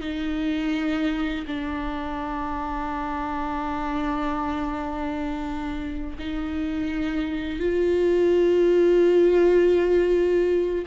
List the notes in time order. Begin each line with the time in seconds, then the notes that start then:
0.00 D#4
1.47 D4
6.18 D#4
7.59 F4